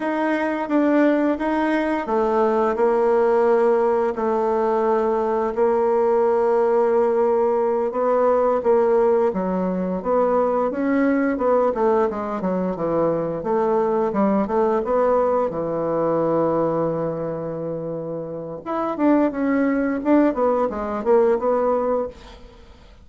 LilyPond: \new Staff \with { instrumentName = "bassoon" } { \time 4/4 \tempo 4 = 87 dis'4 d'4 dis'4 a4 | ais2 a2 | ais2.~ ais8 b8~ | b8 ais4 fis4 b4 cis'8~ |
cis'8 b8 a8 gis8 fis8 e4 a8~ | a8 g8 a8 b4 e4.~ | e2. e'8 d'8 | cis'4 d'8 b8 gis8 ais8 b4 | }